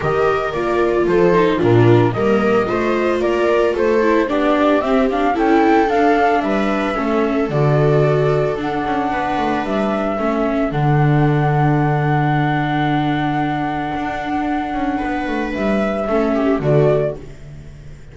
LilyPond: <<
  \new Staff \with { instrumentName = "flute" } { \time 4/4 \tempo 4 = 112 dis''4 d''4 c''4 ais'4 | dis''2 d''4 c''4 | d''4 e''8 f''8 g''4 f''4 | e''2 d''2 |
fis''2 e''2 | fis''1~ | fis''1~ | fis''4 e''2 d''4 | }
  \new Staff \with { instrumentName = "viola" } { \time 4/4 ais'2 a'4 f'4 | ais'4 c''4 ais'4 a'4 | g'2 a'2 | b'4 a'2.~ |
a'4 b'2 a'4~ | a'1~ | a'1 | b'2 a'8 g'8 fis'4 | }
  \new Staff \with { instrumentName = "viola" } { \time 4/4 g'4 f'4. dis'8 d'4 | ais4 f'2~ f'8 e'8 | d'4 c'8 d'8 e'4 d'4~ | d'4 cis'4 fis'2 |
d'2. cis'4 | d'1~ | d'1~ | d'2 cis'4 a4 | }
  \new Staff \with { instrumentName = "double bass" } { \time 4/4 dis4 ais4 f4 ais,4 | g4 a4 ais4 a4 | b4 c'4 cis'4 d'4 | g4 a4 d2 |
d'8 cis'8 b8 a8 g4 a4 | d1~ | d2 d'4. cis'8 | b8 a8 g4 a4 d4 | }
>>